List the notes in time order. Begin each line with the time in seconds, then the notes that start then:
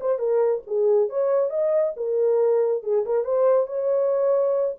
0.00 C5
0.18 A#4
0.67 G#4
1.09 C#5
1.50 D#5
1.96 A#4
2.83 G#4
3.05 A#4
3.24 C5
3.66 C#5